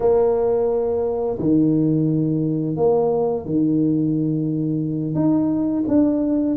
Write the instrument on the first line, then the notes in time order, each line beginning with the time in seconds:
tuba
0.00 A#3
1.38 D#3
2.76 A#3
3.45 D#3
5.14 D#4
5.87 D4